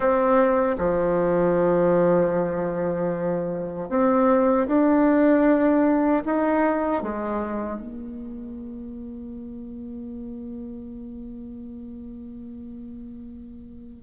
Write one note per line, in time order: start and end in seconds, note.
0.00 0.76 C4
0.78 3.89 F3
3.89 4.66 C4
4.67 6.23 D4
6.25 7.02 D#4
7.02 7.80 G#3
7.80 14.02 A#3